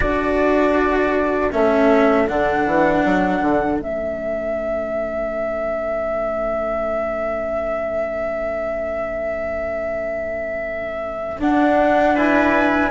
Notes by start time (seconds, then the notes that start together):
0.00 D4 F#4 A4 D5
1.51 A3 C#4 E5
2.27 D3 D4 F#5
2.66 E3
3.04 F#3
3.40 D3
3.78 A3 C#4 E5
11.38 D4 F#5
12.14 E4 B4 G#5